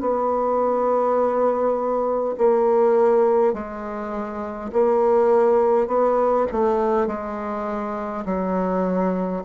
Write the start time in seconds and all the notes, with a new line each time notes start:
0.00 B3
2.37 A#3
3.53 G#3
4.72 A#3
5.87 B3
6.51 A3
7.07 G#3
8.25 F#3